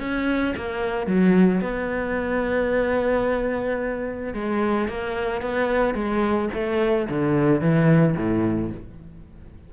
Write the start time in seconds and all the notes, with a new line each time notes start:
0.00 C#4
0.57 A#3
1.07 F#3
1.62 B3
4.34 G#3
4.89 A#3
5.42 B3
5.95 G#3
6.54 A3
7.09 D3
7.61 E3
8.17 A2